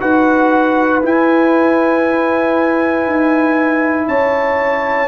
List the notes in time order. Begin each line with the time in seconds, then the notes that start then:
0.00 D#4 F#4 B4 F#5
1.02 E4 G#5
3.07 D#4
4.08 C#4 C#5 A5